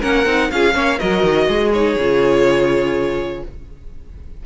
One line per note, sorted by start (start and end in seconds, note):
0.00 0.26 A#3
0.00 0.26 C#4
0.00 0.49 A#4
0.00 0.51 F#5
0.26 0.50 C4
0.26 0.51 D#4
0.51 0.75 C#4
0.51 0.73 F4
0.51 0.74 G#4
0.51 0.99 F5
0.73 1.00 A#3
0.73 0.98 C#4
0.73 0.99 C#5
0.99 1.23 F#3
0.99 1.72 F#4
0.99 1.48 A#4
0.99 1.72 D#5
1.23 1.48 D#3
1.48 1.96 G#3
1.48 3.43 G#4
1.73 1.99 D#4
1.73 3.44 C#5
1.96 3.42 C#3
1.96 3.46 F4